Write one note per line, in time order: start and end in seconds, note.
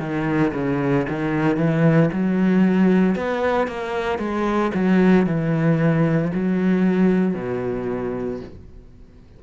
0.00 0.53 D#3
0.54 1.06 C#3
1.09 1.57 D#3
1.57 2.10 E3
2.13 3.16 F#3
3.16 3.68 B3
3.68 4.19 A#3
4.19 4.72 G#3
4.74 5.26 F#3
5.26 6.32 E3
6.34 7.35 F#3
7.35 8.40 B2